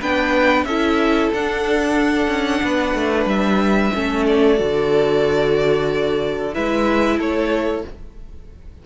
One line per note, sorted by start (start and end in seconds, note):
0.00 0.64 B3
0.00 0.67 D4
0.00 0.65 B4
0.00 0.65 G5
0.64 1.29 C#4
0.64 1.35 E4
0.64 2.63 A4
0.64 1.30 E5
1.34 2.28 D4
1.34 3.94 D4
1.34 3.28 F#5
2.28 2.61 C#4
2.63 2.95 B3
2.63 3.94 B4
2.95 3.26 A3
3.26 3.91 G3
3.26 4.26 E5
3.94 4.60 A3
3.94 4.57 C#4
3.94 6.54 A4
4.27 6.54 D5
4.57 6.56 D3
4.57 6.53 F#4
6.54 7.19 G#3
6.54 7.84 E4
6.54 7.17 B4
6.54 7.20 E5
7.17 7.84 A3
7.17 7.83 A4
7.17 7.86 C#5